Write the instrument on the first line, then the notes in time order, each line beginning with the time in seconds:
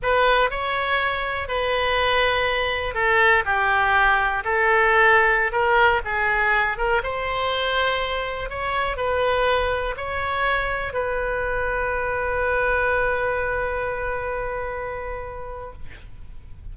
oboe
0.02 B4
0.50 C#5
1.48 B4
2.94 A4
3.45 G4
4.44 A4
5.52 A#4
6.04 G#4
6.77 A#4
7.03 C5
8.49 C#5
8.96 B4
9.97 C#5
10.93 B4